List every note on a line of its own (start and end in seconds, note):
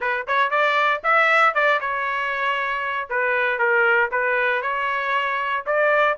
0.00 0.26 B4
0.27 0.50 C#5
0.50 1.01 D5
1.03 1.54 E5
1.54 1.80 D5
1.80 3.08 C#5
3.09 3.58 B4
3.58 4.10 A#4
4.11 4.62 B4
4.62 5.64 C#5
5.66 6.17 D5